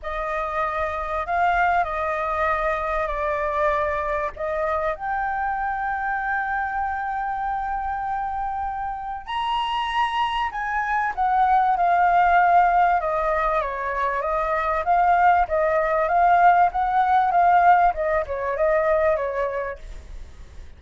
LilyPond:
\new Staff \with { instrumentName = "flute" } { \time 4/4 \tempo 4 = 97 dis''2 f''4 dis''4~ | dis''4 d''2 dis''4 | g''1~ | g''2. ais''4~ |
ais''4 gis''4 fis''4 f''4~ | f''4 dis''4 cis''4 dis''4 | f''4 dis''4 f''4 fis''4 | f''4 dis''8 cis''8 dis''4 cis''4 | }